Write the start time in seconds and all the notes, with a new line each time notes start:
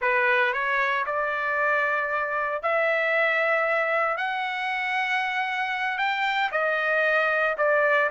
0.01 B4
0.53 C#5
1.06 D5
2.62 E5
4.17 F#5
5.98 G5
6.51 D#5
7.57 D5